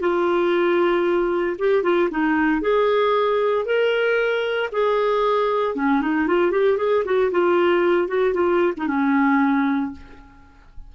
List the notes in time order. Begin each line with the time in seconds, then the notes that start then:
0.00 F4
1.58 G4
1.83 F4
2.10 D#4
2.61 G#4
3.65 A#4
4.72 G#4
5.75 C#4
6.01 D#4
6.27 F4
6.51 G4
6.77 G#4
7.05 F#4
7.31 F4
8.08 F#4
8.34 F4
8.77 D#4
8.87 C#4